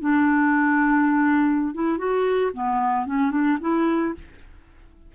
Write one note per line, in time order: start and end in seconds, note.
0.00 1.74 D4
1.74 1.97 E4
1.97 2.51 F#4
2.53 3.06 B3
3.06 3.31 C#4
3.31 3.57 D4
3.61 4.14 E4